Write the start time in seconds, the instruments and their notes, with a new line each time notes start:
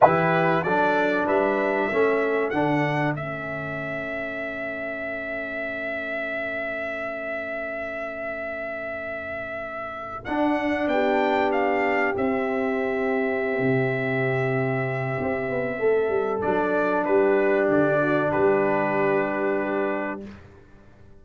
0.01 tuba E3, trombone E4, horn G4, trumpet B4
0.63 tuba F#3, trombone D4, horn A4, trumpet D5
1.26 tuba G3, horn B4, trumpet E5
1.87 tuba A3, trombone C#4, horn A4
2.50 tuba D3, trombone D4, trumpet F#5
3.15 tuba A3, trombone C#4, trumpet E5
10.24 trombone D4, tuba D4, trumpet F#5
10.87 tuba B3, horn G4, trumpet G5
11.52 trumpet F5
12.15 trombone C4, tuba C4, trumpet E5
13.59 tuba C3
15.20 tuba C4
15.49 tuba B3
15.78 tuba A3, horn A4
16.08 tuba G3
16.41 tuba F#3, trombone D4, trumpet D5
17.04 tuba G3, horn G4, trumpet B4
17.68 tuba D3, trumpet D5
18.01 horn F#4
18.31 tuba G3, horn G4, trumpet B4